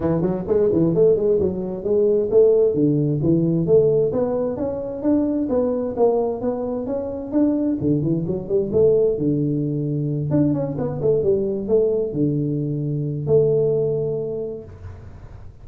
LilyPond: \new Staff \with { instrumentName = "tuba" } { \time 4/4 \tempo 4 = 131 e8 fis8 gis8 e8 a8 gis8 fis4 | gis4 a4 d4 e4 | a4 b4 cis'4 d'4 | b4 ais4 b4 cis'4 |
d'4 d8 e8 fis8 g8 a4 | d2~ d8 d'8 cis'8 b8 | a8 g4 a4 d4.~ | d4 a2. | }